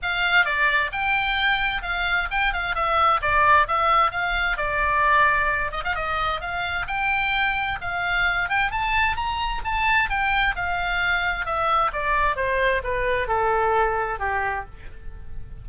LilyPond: \new Staff \with { instrumentName = "oboe" } { \time 4/4 \tempo 4 = 131 f''4 d''4 g''2 | f''4 g''8 f''8 e''4 d''4 | e''4 f''4 d''2~ | d''8 dis''16 f''16 dis''4 f''4 g''4~ |
g''4 f''4. g''8 a''4 | ais''4 a''4 g''4 f''4~ | f''4 e''4 d''4 c''4 | b'4 a'2 g'4 | }